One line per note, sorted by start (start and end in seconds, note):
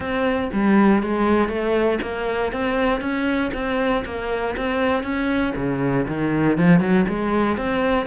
0.00 0.50 C4
0.52 1.02 G3
1.02 1.48 G#3
1.48 1.98 A3
2.01 2.52 A#3
2.52 3.00 C4
3.00 3.51 C#4
3.53 4.04 C4
4.05 4.55 A#3
4.57 5.03 C4
5.03 5.53 C#4
5.56 6.06 C#3
6.07 6.57 D#3
6.57 6.79 F3
6.79 7.05 F#3
7.08 7.57 G#3
7.57 8.06 C4